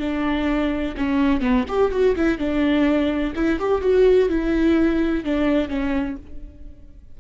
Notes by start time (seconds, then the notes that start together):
0.00 D4
0.97 C#4
1.41 B3
1.68 G4
1.92 F#4
2.16 E4
2.38 D4
3.36 E4
3.60 G4
3.82 F#4
4.29 E4
5.24 D4
5.69 C#4